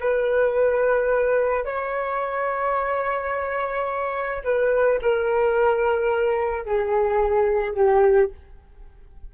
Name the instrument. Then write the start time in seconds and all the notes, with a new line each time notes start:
flute
0.00 B4
1.65 C#5
4.44 B4
5.02 A#4
6.65 G#4
7.74 G4